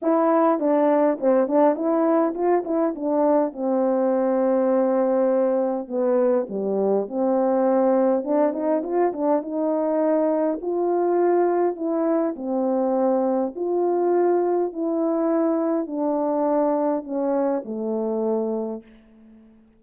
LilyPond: \new Staff \with { instrumentName = "horn" } { \time 4/4 \tempo 4 = 102 e'4 d'4 c'8 d'8 e'4 | f'8 e'8 d'4 c'2~ | c'2 b4 g4 | c'2 d'8 dis'8 f'8 d'8 |
dis'2 f'2 | e'4 c'2 f'4~ | f'4 e'2 d'4~ | d'4 cis'4 a2 | }